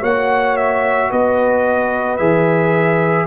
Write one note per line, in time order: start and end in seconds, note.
0.00 1.11 A#3
0.00 2.19 F#4
0.00 1.09 C#5
0.00 0.57 F#5
0.57 1.11 E5
1.11 2.20 B3
1.11 3.27 B4
1.11 2.17 D#5
2.17 3.27 E3
2.17 3.27 G#4
2.17 3.27 E5